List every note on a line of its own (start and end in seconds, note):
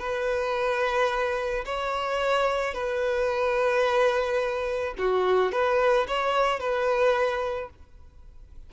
0.00 1.65 B4
1.66 2.74 C#5
2.74 4.95 B4
4.99 5.52 F#4
5.52 6.08 B4
6.08 6.60 C#5
6.60 7.70 B4